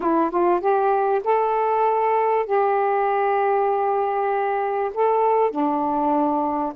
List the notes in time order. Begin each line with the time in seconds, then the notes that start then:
0.00 E4
0.30 F4
0.60 G4
1.24 A4
2.46 G4
4.93 A4
5.50 D4